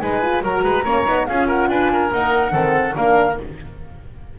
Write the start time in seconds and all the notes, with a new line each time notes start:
0.00 G#3 D#4 B4 G#5
0.22 F4
0.42 F#3 F#4 A#4 A#5
0.63 G#3 B4
0.84 A#3 C#4 C#5
1.06 B3 D#4
1.26 C#4 F4 G#4 F5
1.47 A#4 F#5
1.69 D4 B4 G#5
1.93 A#4
2.11 A#3 D#4 F#5
2.51 D#3 C4 A4
2.94 A#3 D4 A#4 F5